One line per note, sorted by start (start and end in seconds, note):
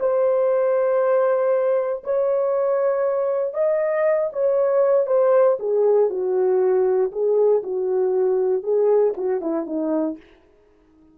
0.00 2.03 C5
2.04 3.54 C#5
3.54 4.30 D#5
4.33 5.07 C#5
5.07 5.58 C5
5.60 6.10 G#4
6.10 7.12 F#4
7.12 7.63 G#4
7.63 8.63 F#4
8.63 9.14 G#4
9.17 9.41 F#4
9.41 9.66 E4
9.66 10.17 D#4